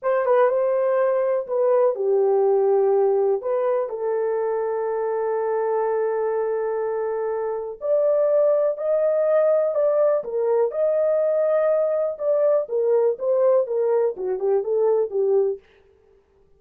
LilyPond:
\new Staff \with { instrumentName = "horn" } { \time 4/4 \tempo 4 = 123 c''8 b'8 c''2 b'4 | g'2. b'4 | a'1~ | a'1 |
d''2 dis''2 | d''4 ais'4 dis''2~ | dis''4 d''4 ais'4 c''4 | ais'4 fis'8 g'8 a'4 g'4 | }